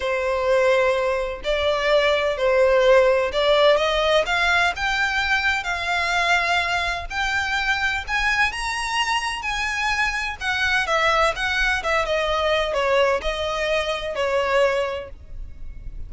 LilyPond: \new Staff \with { instrumentName = "violin" } { \time 4/4 \tempo 4 = 127 c''2. d''4~ | d''4 c''2 d''4 | dis''4 f''4 g''2 | f''2. g''4~ |
g''4 gis''4 ais''2 | gis''2 fis''4 e''4 | fis''4 e''8 dis''4. cis''4 | dis''2 cis''2 | }